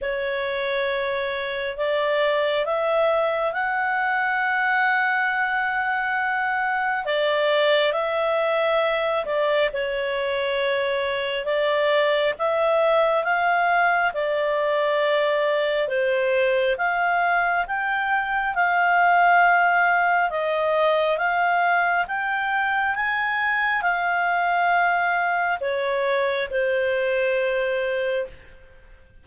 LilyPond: \new Staff \with { instrumentName = "clarinet" } { \time 4/4 \tempo 4 = 68 cis''2 d''4 e''4 | fis''1 | d''4 e''4. d''8 cis''4~ | cis''4 d''4 e''4 f''4 |
d''2 c''4 f''4 | g''4 f''2 dis''4 | f''4 g''4 gis''4 f''4~ | f''4 cis''4 c''2 | }